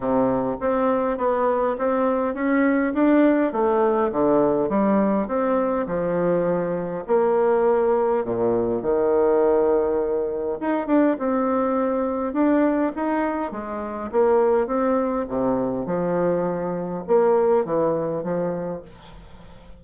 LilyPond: \new Staff \with { instrumentName = "bassoon" } { \time 4/4 \tempo 4 = 102 c4 c'4 b4 c'4 | cis'4 d'4 a4 d4 | g4 c'4 f2 | ais2 ais,4 dis4~ |
dis2 dis'8 d'8 c'4~ | c'4 d'4 dis'4 gis4 | ais4 c'4 c4 f4~ | f4 ais4 e4 f4 | }